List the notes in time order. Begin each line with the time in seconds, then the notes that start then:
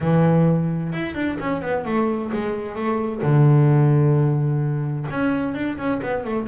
0.00 E3
0.93 E4
1.14 D4
1.39 C#4
1.61 B3
1.85 A3
2.32 G#3
2.75 A3
3.22 D3
5.10 C#4
5.54 D4
5.77 C#4
6.02 B3
6.24 A3